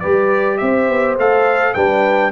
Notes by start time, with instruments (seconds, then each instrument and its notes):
0.00 tuba G3, trombone G4, horn B4, trumpet D5
0.57 tuba C4, horn C5, trumpet E5
0.89 tuba B3
1.18 tuba A3, trombone A4, trumpet F5
1.74 tuba G3, trombone D4, horn B4, trumpet G5